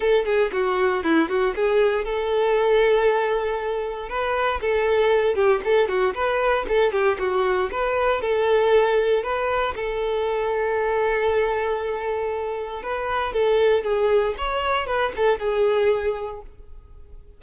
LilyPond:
\new Staff \with { instrumentName = "violin" } { \time 4/4 \tempo 4 = 117 a'8 gis'8 fis'4 e'8 fis'8 gis'4 | a'1 | b'4 a'4. g'8 a'8 fis'8 | b'4 a'8 g'8 fis'4 b'4 |
a'2 b'4 a'4~ | a'1~ | a'4 b'4 a'4 gis'4 | cis''4 b'8 a'8 gis'2 | }